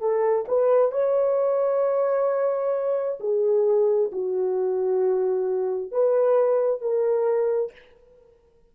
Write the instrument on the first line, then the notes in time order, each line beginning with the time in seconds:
horn
0.00 A4
0.48 B4
0.92 C#5
3.20 G#4
4.12 F#4
5.92 B4
6.81 A#4